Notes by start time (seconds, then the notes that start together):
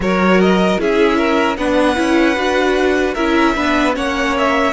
0.00 F#3 F#4 A#4 C#5
0.40 D#5
0.78 C#4 E4 G#4 E5
1.17 A#4
1.57 B3 D4 B4 F#5
1.95 C#4 E4
2.36 D4 F#4
3.14 C#4 E4 A#4 E5
3.56 B3 D4 B4
3.93 A#3 C#4 C#5 F#5
4.38 E5